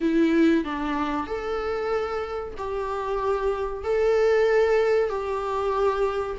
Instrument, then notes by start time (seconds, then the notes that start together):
viola
0.00 E4
0.64 D4
1.26 A4
2.57 G4
3.84 A4
5.09 G4